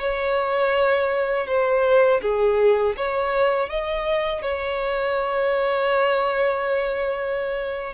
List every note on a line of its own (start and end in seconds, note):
0.00 1.47 C#5
1.47 2.21 C5
2.22 2.96 G#4
2.97 3.70 C#5
3.70 4.42 D#5
4.42 7.94 C#5